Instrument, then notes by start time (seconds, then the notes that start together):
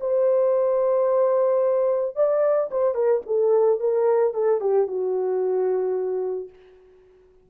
horn
0.00 C5
2.15 D5
2.71 C5
2.94 A#4
3.26 A4
3.80 A#4
4.34 A4
4.60 G4
4.87 F#4